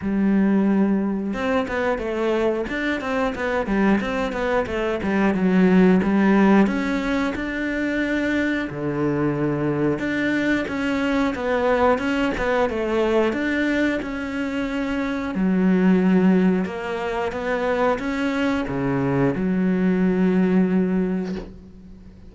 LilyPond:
\new Staff \with { instrumentName = "cello" } { \time 4/4 \tempo 4 = 90 g2 c'8 b8 a4 | d'8 c'8 b8 g8 c'8 b8 a8 g8 | fis4 g4 cis'4 d'4~ | d'4 d2 d'4 |
cis'4 b4 cis'8 b8 a4 | d'4 cis'2 fis4~ | fis4 ais4 b4 cis'4 | cis4 fis2. | }